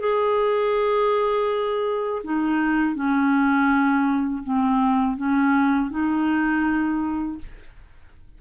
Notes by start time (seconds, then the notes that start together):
0.00 G#4
2.24 D#4
2.95 C#4
4.43 C4
5.17 C#4
5.90 D#4